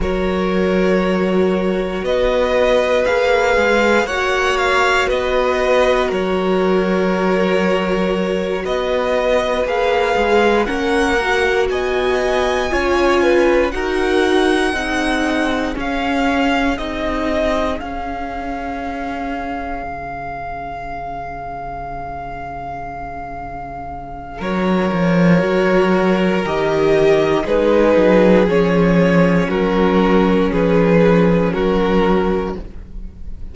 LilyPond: <<
  \new Staff \with { instrumentName = "violin" } { \time 4/4 \tempo 4 = 59 cis''2 dis''4 f''4 | fis''8 f''8 dis''4 cis''2~ | cis''8 dis''4 f''4 fis''4 gis''8~ | gis''4. fis''2 f''8~ |
f''8 dis''4 f''2~ f''8~ | f''1 | cis''2 dis''4 b'4 | cis''4 ais'4 b'4 ais'4 | }
  \new Staff \with { instrumentName = "violin" } { \time 4/4 ais'2 b'2 | cis''4 b'4 ais'2~ | ais'8 b'2 ais'4 dis''8~ | dis''8 cis''8 b'8 ais'4 gis'4.~ |
gis'1~ | gis'1 | ais'2. gis'4~ | gis'4 fis'4 gis'4 fis'4 | }
  \new Staff \with { instrumentName = "viola" } { \time 4/4 fis'2. gis'4 | fis'1~ | fis'4. gis'4 cis'8 fis'4~ | fis'8 f'4 fis'4 dis'4 cis'8~ |
cis'8 dis'4 cis'2~ cis'8~ | cis'1~ | cis'4 fis'4 g'4 dis'4 | cis'1 | }
  \new Staff \with { instrumentName = "cello" } { \time 4/4 fis2 b4 ais8 gis8 | ais4 b4 fis2~ | fis8 b4 ais8 gis8 ais4 b8~ | b8 cis'4 dis'4 c'4 cis'8~ |
cis'8 c'4 cis'2 cis8~ | cis1 | fis8 f8 fis4 dis4 gis8 fis8 | f4 fis4 f4 fis4 | }
>>